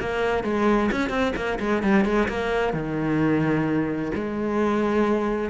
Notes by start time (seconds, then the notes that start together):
0.00 A#3
0.44 G#3
0.92 C#4
1.10 C4
1.36 A#3
1.60 G#3
1.83 G3
2.05 G#3
2.29 A#3
2.73 D#3
4.15 G#3